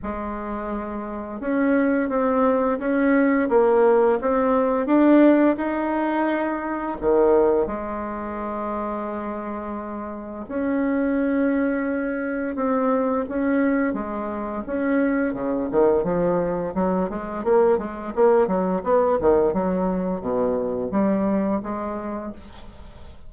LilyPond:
\new Staff \with { instrumentName = "bassoon" } { \time 4/4 \tempo 4 = 86 gis2 cis'4 c'4 | cis'4 ais4 c'4 d'4 | dis'2 dis4 gis4~ | gis2. cis'4~ |
cis'2 c'4 cis'4 | gis4 cis'4 cis8 dis8 f4 | fis8 gis8 ais8 gis8 ais8 fis8 b8 dis8 | fis4 b,4 g4 gis4 | }